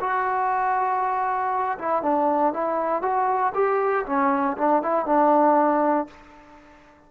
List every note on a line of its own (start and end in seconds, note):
0.00 1.78 F#4
1.79 2.02 E4
2.02 2.53 D4
2.53 3.02 E4
3.02 3.53 F#4
3.55 4.05 G4
4.06 4.57 C#4
4.58 4.83 D4
4.83 5.06 E4
5.06 6.07 D4